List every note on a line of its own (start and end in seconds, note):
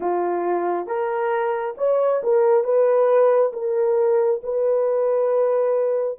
0.00 0.86 F4
0.86 1.74 A#4
1.77 2.21 C#5
2.23 2.64 A#4
2.64 3.52 B4
3.53 4.41 A#4
4.43 6.18 B4